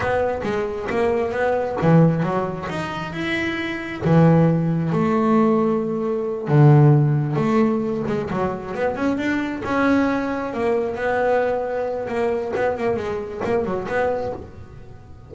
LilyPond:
\new Staff \with { instrumentName = "double bass" } { \time 4/4 \tempo 4 = 134 b4 gis4 ais4 b4 | e4 fis4 dis'4 e'4~ | e'4 e2 a4~ | a2~ a8 d4.~ |
d8 a4. gis8 fis4 b8 | cis'8 d'4 cis'2 ais8~ | ais8 b2~ b8 ais4 | b8 ais8 gis4 ais8 fis8 b4 | }